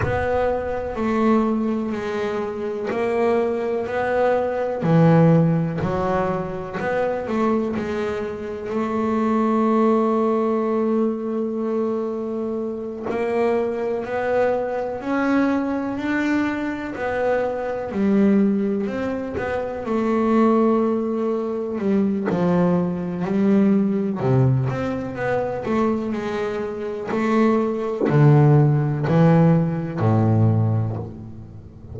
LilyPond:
\new Staff \with { instrumentName = "double bass" } { \time 4/4 \tempo 4 = 62 b4 a4 gis4 ais4 | b4 e4 fis4 b8 a8 | gis4 a2.~ | a4. ais4 b4 cis'8~ |
cis'8 d'4 b4 g4 c'8 | b8 a2 g8 f4 | g4 c8 c'8 b8 a8 gis4 | a4 d4 e4 a,4 | }